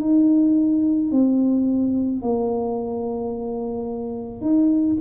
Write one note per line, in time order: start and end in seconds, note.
0.00 1.11 D#4
1.11 2.21 C4
2.21 4.41 A#3
4.41 4.96 D#4